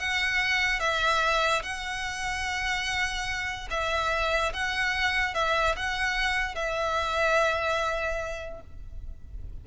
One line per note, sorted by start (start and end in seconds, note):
0.00 0.80 F#5
0.80 1.63 E5
1.63 3.69 F#5
3.71 4.53 E5
4.54 5.35 F#5
5.35 5.76 E5
5.77 6.55 F#5
6.55 8.61 E5